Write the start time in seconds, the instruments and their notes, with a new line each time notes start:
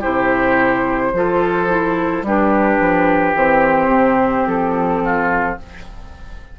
0.00 bassoon C3, clarinet E4, oboe G4, flute C5
1.13 bassoon F3, clarinet F4, oboe A4
1.68 clarinet E4
2.22 bassoon G3, clarinet D4, oboe G4, flute B4
2.79 bassoon F3
3.34 bassoon E3, clarinet C4, flute C5
3.87 bassoon C3
4.47 bassoon F3, flute A4
5.03 oboe F4